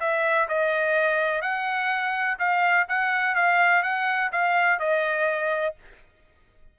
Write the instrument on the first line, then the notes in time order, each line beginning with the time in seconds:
trumpet
0.00 E5
0.49 D#5
1.42 F#5
2.39 F5
2.89 F#5
3.36 F5
3.83 F#5
4.32 F5
4.79 D#5